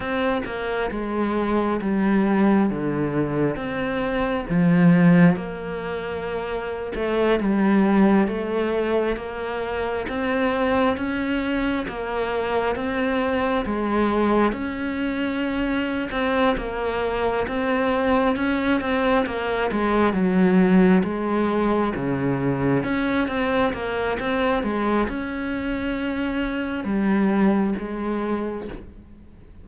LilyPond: \new Staff \with { instrumentName = "cello" } { \time 4/4 \tempo 4 = 67 c'8 ais8 gis4 g4 d4 | c'4 f4 ais4.~ ais16 a16~ | a16 g4 a4 ais4 c'8.~ | c'16 cis'4 ais4 c'4 gis8.~ |
gis16 cis'4.~ cis'16 c'8 ais4 c'8~ | c'8 cis'8 c'8 ais8 gis8 fis4 gis8~ | gis8 cis4 cis'8 c'8 ais8 c'8 gis8 | cis'2 g4 gis4 | }